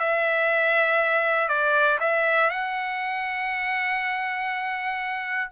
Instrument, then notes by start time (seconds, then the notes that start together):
trumpet
0.00 E5
1.49 D5
2.00 E5
2.50 F#5